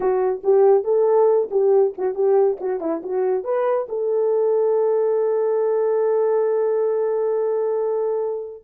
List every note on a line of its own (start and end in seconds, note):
0.00 0.42 F#4
0.43 0.84 G4
0.84 1.48 A4
1.50 1.94 G4
1.97 2.14 F#4
2.14 2.57 G4
2.60 2.80 F#4
2.80 3.01 E4
3.03 3.44 F#4
3.44 3.87 B4
3.88 8.63 A4